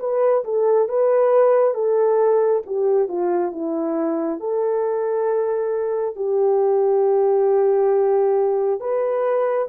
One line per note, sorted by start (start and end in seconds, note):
0.00 0.44 B4
0.45 0.89 A4
0.89 1.74 B4
1.74 2.63 A4
2.66 3.08 G4
3.08 3.52 F4
3.52 4.40 E4
4.40 6.16 A4
6.16 8.80 G4
8.80 9.69 B4